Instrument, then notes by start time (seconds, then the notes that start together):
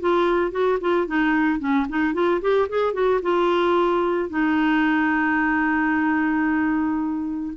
clarinet
0.00 F4
0.51 F#4
0.80 F4
1.07 D#4
1.59 C#4
1.89 D#4
2.14 F4
2.41 G4
2.69 G#4
2.93 F#4
3.22 F4
4.29 D#4